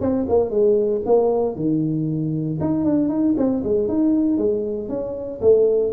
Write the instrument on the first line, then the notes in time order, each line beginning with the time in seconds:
tuba
0.00 C4
0.28 A#3
0.50 G#3
1.05 A#3
1.55 D#3
2.60 D#4
2.84 D4
3.09 D#4
3.37 C4
3.64 G#3
3.88 D#4
4.38 G#3
4.89 C#4
5.41 A3